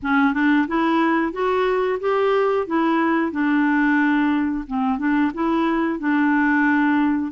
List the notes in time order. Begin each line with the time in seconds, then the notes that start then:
0.02 C#4
0.33 D4
0.67 E4
1.32 F#4
2.00 G4
2.66 E4
3.31 D4
4.67 C4
4.98 D4
5.34 E4
5.99 D4